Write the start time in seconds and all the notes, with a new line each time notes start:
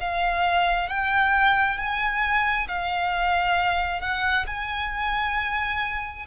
0.00 F5
0.89 G5
1.78 G#5
2.68 F5
4.01 F#5
4.47 G#5